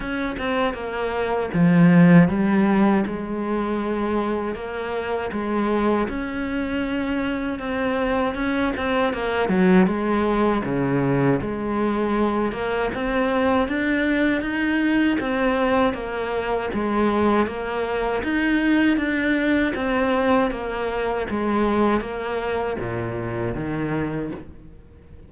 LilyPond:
\new Staff \with { instrumentName = "cello" } { \time 4/4 \tempo 4 = 79 cis'8 c'8 ais4 f4 g4 | gis2 ais4 gis4 | cis'2 c'4 cis'8 c'8 | ais8 fis8 gis4 cis4 gis4~ |
gis8 ais8 c'4 d'4 dis'4 | c'4 ais4 gis4 ais4 | dis'4 d'4 c'4 ais4 | gis4 ais4 ais,4 dis4 | }